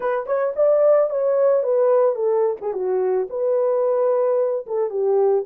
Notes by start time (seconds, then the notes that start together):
0.00 B4
0.26 C#5
0.56 D5
1.09 C#5
1.63 B4
2.15 A4
2.61 G#4
2.73 F#4
3.29 B4
4.66 A4
4.90 G4